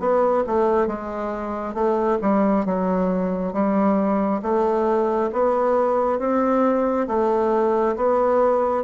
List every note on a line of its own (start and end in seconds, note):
0.00 0.44 B3
0.47 0.87 A3
0.87 1.74 G#3
1.74 2.19 A3
2.22 2.66 G3
2.66 3.53 F#3
3.53 4.42 G3
4.42 5.31 A3
5.33 6.19 B3
6.19 7.07 C4
7.07 7.96 A3
7.97 8.84 B3